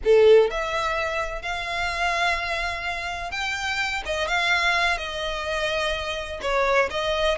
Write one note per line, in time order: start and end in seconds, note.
0.04 0.50 A4
0.50 1.42 E5
1.42 3.31 F5
3.31 4.02 G5
4.05 4.27 D#5
4.27 4.97 F5
4.97 6.40 D#5
6.41 6.89 C#5
6.90 7.37 D#5